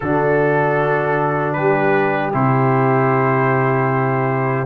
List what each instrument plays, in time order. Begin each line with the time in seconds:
0.00 tuba D3, trombone D4, horn F#4, trumpet A4
1.52 tuba G3, horn G4, trumpet B4
2.32 tuba C3, trombone E4, trumpet C5